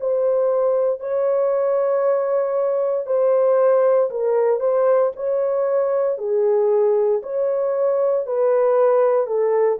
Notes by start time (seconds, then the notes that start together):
0.00 C5
1.00 C#5
3.06 C5
4.10 A#4
4.60 C5
5.16 C#5
6.18 G#4
7.23 C#5
8.26 B4
9.26 A4